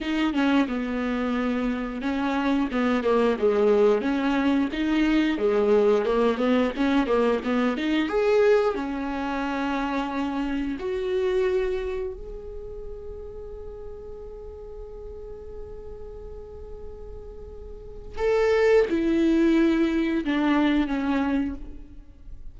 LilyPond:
\new Staff \with { instrumentName = "viola" } { \time 4/4 \tempo 4 = 89 dis'8 cis'8 b2 cis'4 | b8 ais8 gis4 cis'4 dis'4 | gis4 ais8 b8 cis'8 ais8 b8 dis'8 | gis'4 cis'2. |
fis'2 gis'2~ | gis'1~ | gis'2. a'4 | e'2 d'4 cis'4 | }